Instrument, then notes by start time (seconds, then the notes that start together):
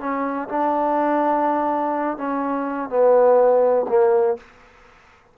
trombone
0.00 C#4
0.49 D4
2.18 C#4
2.89 B3
3.89 A#3